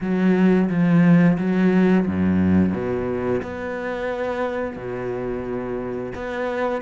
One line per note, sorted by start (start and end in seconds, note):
0.00 0.68 F#3
0.69 1.37 F3
1.38 2.06 F#3
2.06 2.73 F#2
2.73 3.41 B2
3.42 4.76 B3
4.76 6.12 B2
6.14 6.82 B3